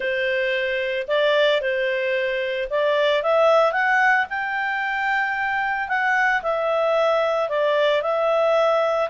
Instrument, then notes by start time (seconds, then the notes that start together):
clarinet
0.00 C5
1.07 D5
1.61 C5
2.70 D5
3.23 E5
3.72 F#5
4.29 G5
5.88 F#5
6.42 E5
7.49 D5
8.02 E5